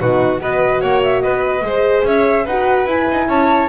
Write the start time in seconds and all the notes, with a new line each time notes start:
0.00 B2 D#4 F#4 B4
0.40 B3 F#4 B4 D#5
0.81 A#3 C#5 F#5
1.03 E5
1.21 B3 B4 D#5
1.62 G#3 G#4 C5
2.04 C#4 C#5 E5
2.45 D#4 F#4 B4 F#5
2.86 E4 G#5
3.12 D#4
3.28 C#4 C#5 A5